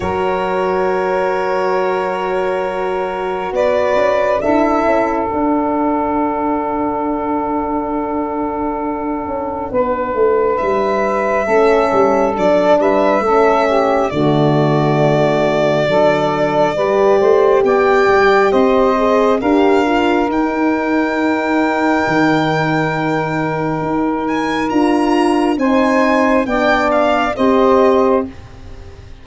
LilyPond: <<
  \new Staff \with { instrumentName = "violin" } { \time 4/4 \tempo 4 = 68 cis''1 | d''4 e''4 fis''2~ | fis''1 | e''2 d''8 e''4. |
d''1 | g''4 dis''4 f''4 g''4~ | g''2.~ g''8 gis''8 | ais''4 gis''4 g''8 f''8 dis''4 | }
  \new Staff \with { instrumentName = "saxophone" } { \time 4/4 ais'1 | b'4 a'2.~ | a'2. b'4~ | b'4 a'4. b'8 a'8 g'8 |
fis'2 a'4 b'8 c''8 | d''4 c''4 ais'2~ | ais'1~ | ais'4 c''4 d''4 c''4 | }
  \new Staff \with { instrumentName = "horn" } { \time 4/4 fis'1~ | fis'4 e'4 d'2~ | d'1~ | d'4 cis'4 d'4 cis'4 |
a2 d'4 g'4~ | g'4. gis'8 g'8 f'8 dis'4~ | dis'1 | f'4 dis'4 d'4 g'4 | }
  \new Staff \with { instrumentName = "tuba" } { \time 4/4 fis1 | b8 cis'8 d'8 cis'8 d'2~ | d'2~ d'8 cis'8 b8 a8 | g4 a8 g8 fis8 g8 a4 |
d2 fis4 g8 a8 | b8 g8 c'4 d'4 dis'4~ | dis'4 dis2 dis'4 | d'4 c'4 b4 c'4 | }
>>